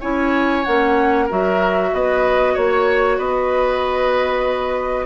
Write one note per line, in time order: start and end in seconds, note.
0.00 0.65 C#4
0.00 0.64 E4
0.00 1.25 C#5
0.00 0.64 G#5
0.64 1.30 A#3
0.64 1.28 C#4
0.64 1.27 F#5
1.25 1.92 F#3
1.25 5.06 F#4
1.25 1.88 A#4
1.25 1.94 E5
1.92 2.56 B3
1.92 2.53 B4
1.92 2.55 D#5
2.53 3.18 A#3
2.53 3.17 C#5
2.53 3.18 C#5
3.18 5.06 B3
3.18 5.06 B4
3.18 5.06 D#5